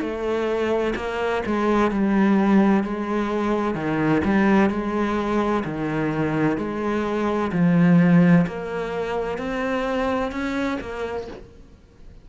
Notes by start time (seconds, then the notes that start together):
0.00 A3
0.95 A#3
1.46 G#3
1.91 G3
2.83 G#3
3.75 D#3
4.24 G3
4.70 G#3
5.65 D#3
6.58 G#3
7.52 F3
8.47 A#3
9.38 C4
10.32 C#4
10.81 A#3